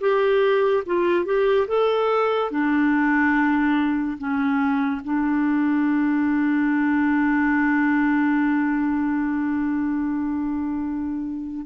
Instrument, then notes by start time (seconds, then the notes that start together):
clarinet
0.00 G4
0.86 F4
1.25 G4
1.67 A4
2.50 D4
4.17 C#4
5.04 D4